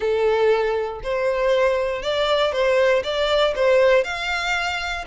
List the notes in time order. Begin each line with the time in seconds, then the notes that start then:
0.00 A4
1.03 C5
2.02 D5
2.52 C5
3.03 D5
3.55 C5
4.04 F5